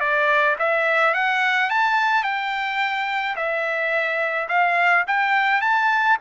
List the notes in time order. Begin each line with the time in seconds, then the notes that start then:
0.00 D5
0.59 E5
1.14 F#5
1.70 A5
2.23 G5
3.36 E5
4.49 F5
5.07 G5
5.61 A5